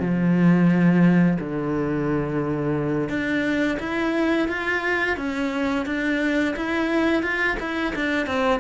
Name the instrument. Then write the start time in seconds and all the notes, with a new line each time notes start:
cello
0.00 F3
1.39 D3
3.09 D4
3.79 E4
4.48 F4
5.17 C#4
5.86 D4
6.56 E4
7.23 F4
7.60 E4
7.96 D4
8.27 C4